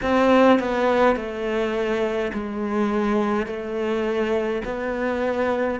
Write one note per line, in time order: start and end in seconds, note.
0.02 0.59 C4
0.59 1.15 B3
1.15 2.31 A3
2.33 3.46 G#3
3.46 4.62 A3
4.65 5.80 B3